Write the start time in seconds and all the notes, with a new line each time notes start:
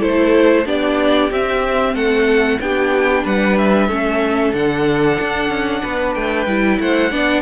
0.00 A3 E4 A4 C5
0.66 B3 D4 G4 D5
1.31 C4 E5
1.95 A3 A4 F#5
2.61 B3 D4 G4 G5
3.24 G3 B4 F#5
3.58 E5
3.89 A3 C#4 A4
4.54 D3 D4 F#5
5.21 D4
5.49 C#4
5.83 B3 B4
6.15 A3 G5
6.47 G3 E4
6.81 A3 C5 F#5
7.12 B3 D4 D5